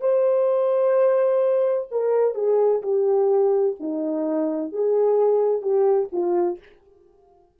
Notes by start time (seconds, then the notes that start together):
0.00 C5
1.91 A#4
2.34 G#4
2.82 G4
3.80 D#4
4.72 G#4
5.61 G4
6.12 F4